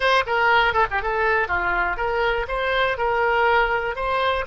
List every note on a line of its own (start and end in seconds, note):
0.00 0.23 C5
0.26 0.73 A#4
0.73 0.86 A4
0.90 1.02 G4
1.02 1.48 A4
1.48 1.97 F4
1.97 2.46 A#4
2.47 2.97 C5
2.97 3.95 A#4
3.95 4.45 C5